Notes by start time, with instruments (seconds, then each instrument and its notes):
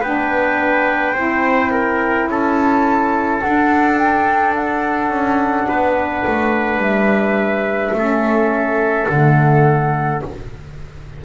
0.00 double bass B3, saxophone D4, trumpet B4, flute G5
1.13 double bass C4, saxophone E4, trumpet C5
1.71 trumpet A#4
2.27 double bass C#4, trumpet A4, flute A5
3.41 saxophone D4, double bass D4, flute F#5
3.98 flute G5
4.55 flute F#5
5.10 double bass C#4
5.68 double bass B3, trumpet B4
6.26 double bass A3
6.77 double bass G3, flute E5
7.93 double bass A3, saxophone C#4, trumpet A4
9.08 double bass D3, saxophone A3, flute F#5